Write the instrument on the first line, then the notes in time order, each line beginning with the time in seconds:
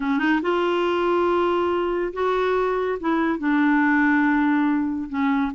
clarinet
0.00 C#4
0.18 D#4
0.42 F4
2.13 F#4
3.00 E4
3.38 D4
5.09 C#4